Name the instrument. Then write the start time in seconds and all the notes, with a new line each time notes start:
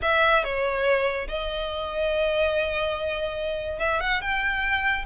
violin
0.02 E5
0.43 C#5
1.28 D#5
3.79 E5
4.00 F#5
4.21 G5